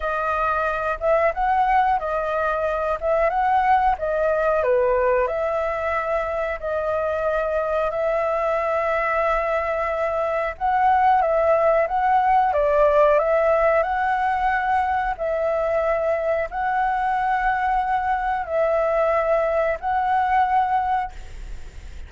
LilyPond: \new Staff \with { instrumentName = "flute" } { \time 4/4 \tempo 4 = 91 dis''4. e''8 fis''4 dis''4~ | dis''8 e''8 fis''4 dis''4 b'4 | e''2 dis''2 | e''1 |
fis''4 e''4 fis''4 d''4 | e''4 fis''2 e''4~ | e''4 fis''2. | e''2 fis''2 | }